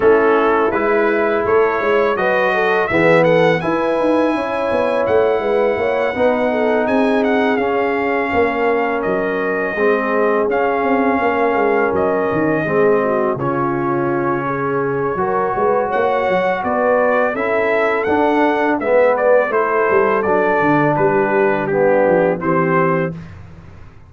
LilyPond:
<<
  \new Staff \with { instrumentName = "trumpet" } { \time 4/4 \tempo 4 = 83 a'4 b'4 cis''4 dis''4 | e''8 fis''8 gis''2 fis''4~ | fis''4. gis''8 fis''8 f''4.~ | f''8 dis''2 f''4.~ |
f''8 dis''2 cis''4.~ | cis''2 fis''4 d''4 | e''4 fis''4 e''8 d''8 c''4 | d''4 b'4 g'4 c''4 | }
  \new Staff \with { instrumentName = "horn" } { \time 4/4 e'2 a'8 cis''8 b'8 a'8 | gis'8 a'8 b'4 cis''4. b'8 | cis''8 b'8 a'8 gis'2 ais'8~ | ais'4. gis'2 ais'8~ |
ais'4. gis'8 fis'8 f'4. | gis'4 ais'8 b'8 cis''4 b'4 | a'2 b'4 a'4~ | a'4 g'4 d'4 g'4 | }
  \new Staff \with { instrumentName = "trombone" } { \time 4/4 cis'4 e'2 fis'4 | b4 e'2.~ | e'8 dis'2 cis'4.~ | cis'4. c'4 cis'4.~ |
cis'4. c'4 cis'4.~ | cis'4 fis'2. | e'4 d'4 b4 e'4 | d'2 b4 c'4 | }
  \new Staff \with { instrumentName = "tuba" } { \time 4/4 a4 gis4 a8 gis8 fis4 | e4 e'8 dis'8 cis'8 b8 a8 gis8 | ais8 b4 c'4 cis'4 ais8~ | ais8 fis4 gis4 cis'8 c'8 ais8 |
gis8 fis8 dis8 gis4 cis4.~ | cis4 fis8 gis8 ais8 fis8 b4 | cis'4 d'4 gis4 a8 g8 | fis8 d8 g4. f8 e4 | }
>>